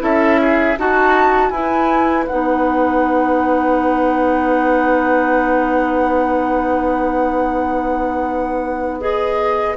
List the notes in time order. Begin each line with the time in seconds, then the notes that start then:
0.00 C#4 E4 A4 E5
0.41 G#4
0.79 D#4 F#4 A5
1.50 E4 B4 G#5
2.27 B3 D#4 F#5
9.01 G#4 D#5